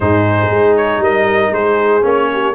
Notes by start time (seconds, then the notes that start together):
0.00 G#2 D#4 G#4 C5
0.50 G#3
0.76 C#5
0.99 G3 A#4 D#5
1.51 G#3 G#4 C5
2.02 A#3 C#4 C#5
2.33 G4